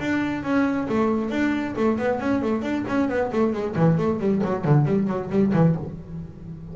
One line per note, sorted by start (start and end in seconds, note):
0.00 0.43 D4
0.43 0.87 C#4
0.88 1.30 A3
1.30 1.75 D4
1.76 1.98 A3
1.98 2.20 B3
2.20 2.42 C#4
2.42 2.62 A3
2.62 2.84 D4
2.88 3.09 C#4
3.09 3.31 B3
3.32 3.53 A3
3.53 3.75 G#3
3.76 3.98 E3
3.98 4.20 A3
4.20 4.42 G3
4.44 4.65 F#3
4.65 4.85 D3
4.85 5.07 G3
5.07 5.30 F#3
5.30 5.53 G3
5.53 5.75 E3